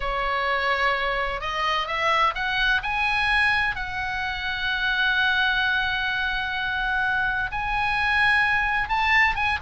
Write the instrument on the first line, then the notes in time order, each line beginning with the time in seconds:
oboe
0.00 C#5
1.41 D#5
1.87 E5
2.34 F#5
2.82 G#5
3.75 F#5
7.51 G#5
8.88 A5
9.35 G#5